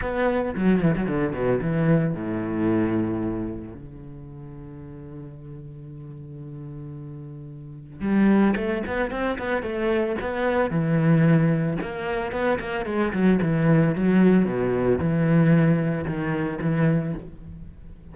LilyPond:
\new Staff \with { instrumentName = "cello" } { \time 4/4 \tempo 4 = 112 b4 fis8 e16 fis16 d8 b,8 e4 | a,2. d4~ | d1~ | d2. g4 |
a8 b8 c'8 b8 a4 b4 | e2 ais4 b8 ais8 | gis8 fis8 e4 fis4 b,4 | e2 dis4 e4 | }